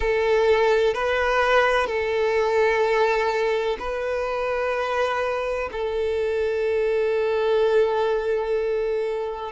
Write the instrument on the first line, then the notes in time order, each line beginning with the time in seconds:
violin
0.00 A4
0.94 B4
1.86 A4
3.79 B4
5.71 A4